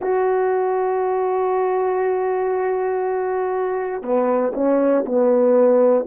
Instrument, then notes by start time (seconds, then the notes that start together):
horn
0.01 F#4
4.02 B3
4.54 C#4
5.05 B3